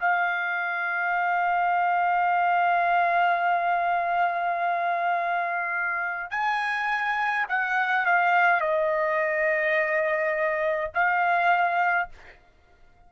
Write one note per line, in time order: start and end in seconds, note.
0.00 6.31 F5
6.31 7.46 G#5
7.48 8.06 F#5
8.06 8.61 F5
8.61 10.91 D#5
10.95 12.10 F5